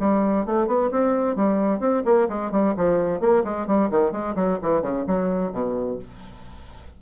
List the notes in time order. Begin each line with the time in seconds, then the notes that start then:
0.00 G3
0.46 A3
0.67 B3
0.91 C4
1.36 G3
1.80 C4
2.05 A#3
2.29 G#3
2.52 G3
2.77 F3
3.21 A#3
3.45 G#3
3.67 G3
3.91 D#3
4.12 G#3
4.36 F#3
4.63 E3
4.82 C#3
5.07 F#3
5.53 B2